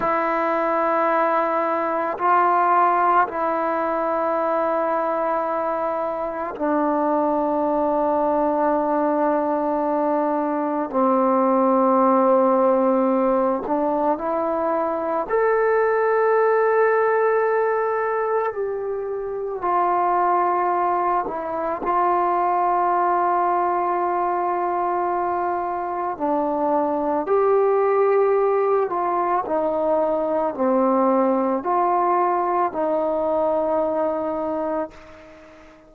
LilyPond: \new Staff \with { instrumentName = "trombone" } { \time 4/4 \tempo 4 = 55 e'2 f'4 e'4~ | e'2 d'2~ | d'2 c'2~ | c'8 d'8 e'4 a'2~ |
a'4 g'4 f'4. e'8 | f'1 | d'4 g'4. f'8 dis'4 | c'4 f'4 dis'2 | }